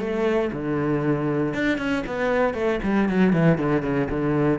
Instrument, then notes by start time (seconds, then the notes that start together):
cello
0.00 A3
0.53 D3
1.55 D4
1.78 C#4
2.07 B3
2.54 A3
2.84 G3
3.10 F#3
3.33 E3
3.59 D3
3.83 C#3
4.10 D3